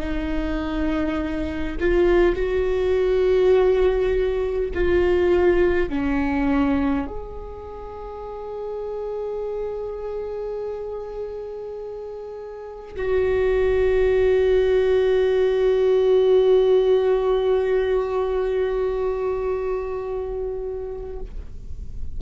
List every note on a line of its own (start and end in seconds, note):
0.00 1.76 D#4
1.80 2.36 F4
2.36 4.71 F#4
4.74 5.90 F4
5.90 7.07 C#4
7.07 12.95 G#4
12.97 21.20 F#4